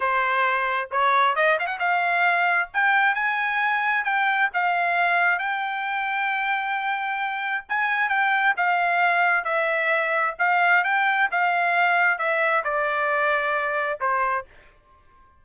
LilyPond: \new Staff \with { instrumentName = "trumpet" } { \time 4/4 \tempo 4 = 133 c''2 cis''4 dis''8 f''16 fis''16 | f''2 g''4 gis''4~ | gis''4 g''4 f''2 | g''1~ |
g''4 gis''4 g''4 f''4~ | f''4 e''2 f''4 | g''4 f''2 e''4 | d''2. c''4 | }